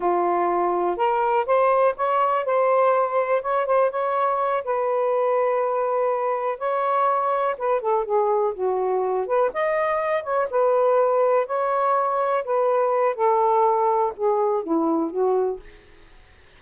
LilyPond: \new Staff \with { instrumentName = "saxophone" } { \time 4/4 \tempo 4 = 123 f'2 ais'4 c''4 | cis''4 c''2 cis''8 c''8 | cis''4. b'2~ b'8~ | b'4. cis''2 b'8 |
a'8 gis'4 fis'4. b'8 dis''8~ | dis''4 cis''8 b'2 cis''8~ | cis''4. b'4. a'4~ | a'4 gis'4 e'4 fis'4 | }